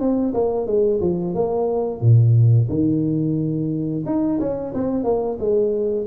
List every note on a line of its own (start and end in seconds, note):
0.00 0.34 C4
0.34 0.67 A#3
0.67 1.01 G#3
1.01 1.35 F3
1.35 2.01 A#3
2.01 2.68 A#2
2.69 4.04 D#3
4.06 4.39 D#4
4.40 4.73 C#4
4.74 5.04 C4
5.04 5.38 A#3
5.40 6.07 G#3